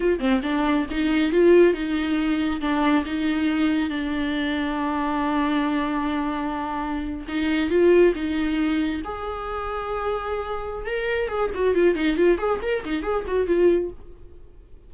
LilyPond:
\new Staff \with { instrumentName = "viola" } { \time 4/4 \tempo 4 = 138 f'8 c'8 d'4 dis'4 f'4 | dis'2 d'4 dis'4~ | dis'4 d'2.~ | d'1~ |
d'8. dis'4 f'4 dis'4~ dis'16~ | dis'8. gis'2.~ gis'16~ | gis'4 ais'4 gis'8 fis'8 f'8 dis'8 | f'8 gis'8 ais'8 dis'8 gis'8 fis'8 f'4 | }